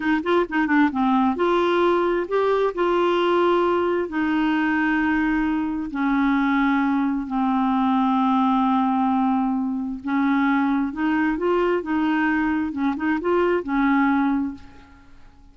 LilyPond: \new Staff \with { instrumentName = "clarinet" } { \time 4/4 \tempo 4 = 132 dis'8 f'8 dis'8 d'8 c'4 f'4~ | f'4 g'4 f'2~ | f'4 dis'2.~ | dis'4 cis'2. |
c'1~ | c'2 cis'2 | dis'4 f'4 dis'2 | cis'8 dis'8 f'4 cis'2 | }